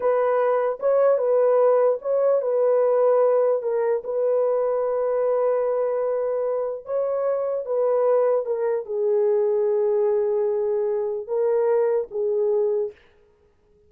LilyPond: \new Staff \with { instrumentName = "horn" } { \time 4/4 \tempo 4 = 149 b'2 cis''4 b'4~ | b'4 cis''4 b'2~ | b'4 ais'4 b'2~ | b'1~ |
b'4 cis''2 b'4~ | b'4 ais'4 gis'2~ | gis'1 | ais'2 gis'2 | }